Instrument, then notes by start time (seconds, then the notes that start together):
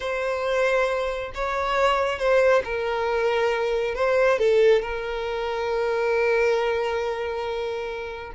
violin
0.00 C5
1.34 C#5
2.18 C5
2.64 A#4
3.95 C5
4.38 A4
4.82 A#4